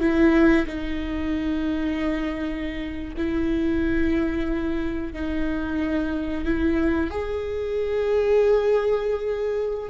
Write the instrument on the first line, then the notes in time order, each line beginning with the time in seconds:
viola
0.00 E4
0.67 D#4
3.17 E4
5.13 D#4
6.45 E4
7.11 G#4